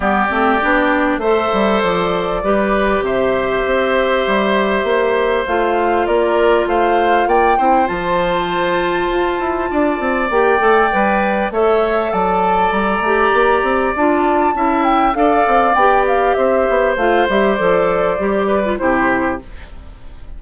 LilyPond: <<
  \new Staff \with { instrumentName = "flute" } { \time 4/4 \tempo 4 = 99 d''2 e''4 d''4~ | d''4 e''2.~ | e''4 f''4 d''4 f''4 | g''4 a''2.~ |
a''4 g''2 e''4 | a''4 ais''2 a''4~ | a''8 g''8 f''4 g''8 f''8 e''4 | f''8 e''8 d''2 c''4 | }
  \new Staff \with { instrumentName = "oboe" } { \time 4/4 g'2 c''2 | b'4 c''2.~ | c''2 ais'4 c''4 | d''8 c''2.~ c''8 |
d''2. cis''4 | d''1 | e''4 d''2 c''4~ | c''2~ c''8 b'8 g'4 | }
  \new Staff \with { instrumentName = "clarinet" } { \time 4/4 b8 c'8 d'4 a'2 | g'1~ | g'4 f'2.~ | f'8 e'8 f'2.~ |
f'4 g'8 a'8 b'4 a'4~ | a'4. g'4. f'4 | e'4 a'4 g'2 | f'8 g'8 a'4 g'8. f'16 e'4 | }
  \new Staff \with { instrumentName = "bassoon" } { \time 4/4 g8 a8 b4 a8 g8 f4 | g4 c4 c'4 g4 | ais4 a4 ais4 a4 | ais8 c'8 f2 f'8 e'8 |
d'8 c'8 ais8 a8 g4 a4 | fis4 g8 a8 ais8 c'8 d'4 | cis'4 d'8 c'8 b4 c'8 b8 | a8 g8 f4 g4 c4 | }
>>